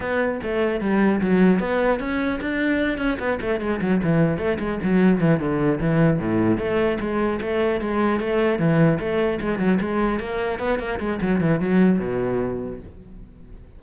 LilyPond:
\new Staff \with { instrumentName = "cello" } { \time 4/4 \tempo 4 = 150 b4 a4 g4 fis4 | b4 cis'4 d'4. cis'8 | b8 a8 gis8 fis8 e4 a8 gis8 | fis4 e8 d4 e4 a,8~ |
a,8 a4 gis4 a4 gis8~ | gis8 a4 e4 a4 gis8 | fis8 gis4 ais4 b8 ais8 gis8 | fis8 e8 fis4 b,2 | }